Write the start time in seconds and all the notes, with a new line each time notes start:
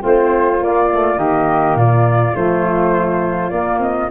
0.00 A3 C4 F4
0.07 C5
0.61 A#3 D5
0.93 A3
1.16 D#3 A#3 G4 D#5
1.76 A#2 F4 D5
2.35 F3 A3 C5
3.50 A#3 D5
3.79 C4 D#5